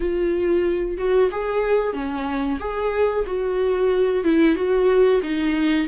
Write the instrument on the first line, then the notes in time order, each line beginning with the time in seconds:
viola
0.00 F4
0.97 F#4
1.31 G#4
1.93 C#4
2.59 G#4
3.26 F#4
4.24 E4
4.55 F#4
5.23 D#4